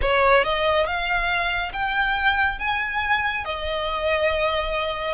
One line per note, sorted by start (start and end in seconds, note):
0.01 0.44 C#5
0.44 0.86 D#5
0.86 1.71 F5
1.73 2.58 G5
2.59 3.44 G#5
3.44 5.14 D#5